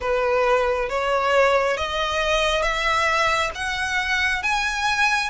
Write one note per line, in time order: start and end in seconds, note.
0.00 0.89 B4
0.89 1.76 C#5
1.76 2.62 D#5
2.62 3.51 E5
3.54 4.42 F#5
4.42 5.29 G#5